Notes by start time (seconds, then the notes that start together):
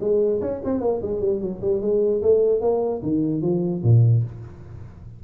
0.00 G#3
0.41 C#4
0.64 C4
0.81 A#3
1.02 G#3
1.20 G3
1.41 F#3
1.61 G3
1.81 G#3
2.22 A3
2.61 A#3
3.02 D#3
3.42 F3
3.83 A#2